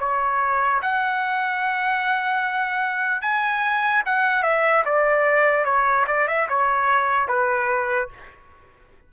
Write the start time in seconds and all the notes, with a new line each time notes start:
0.00 C#5
0.82 F#5
3.22 G#5
4.06 F#5
4.43 E5
4.86 D5
5.65 C#5
6.07 D5
6.28 E5
6.49 C#5
7.28 B4